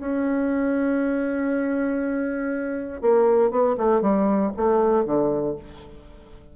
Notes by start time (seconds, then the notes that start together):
0.00 C#4
3.02 A#3
3.51 B3
3.78 A3
4.02 G3
4.57 A3
5.05 D3